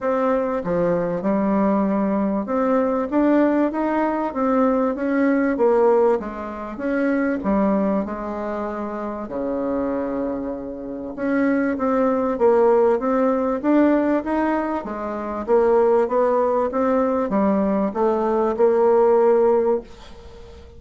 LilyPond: \new Staff \with { instrumentName = "bassoon" } { \time 4/4 \tempo 4 = 97 c'4 f4 g2 | c'4 d'4 dis'4 c'4 | cis'4 ais4 gis4 cis'4 | g4 gis2 cis4~ |
cis2 cis'4 c'4 | ais4 c'4 d'4 dis'4 | gis4 ais4 b4 c'4 | g4 a4 ais2 | }